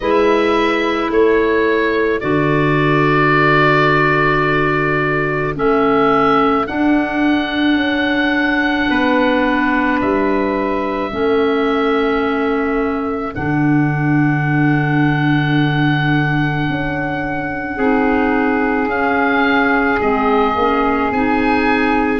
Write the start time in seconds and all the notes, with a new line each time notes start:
0.00 G#3 E4 B4 E5
1.09 A3 A4 C#5
2.20 D3 F#4 D5
5.54 A3 C#4 E5
6.66 D4 F#5
7.75 C#4
8.88 B3 B4
10.00 G3 E5
11.10 A3 C#4 A4
13.33 D3 D4 F#5
16.69 C#4
17.76 C4 D#4 G#4
18.87 C#4 F5
19.99 G#3 C4 D#5
20.55 A#3 C#4
21.11 C4 D#4 G#5